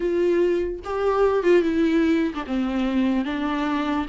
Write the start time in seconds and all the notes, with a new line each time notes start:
0.00 F4
0.84 G4
1.43 F4
1.62 E4
2.34 D4
2.46 C4
3.24 D4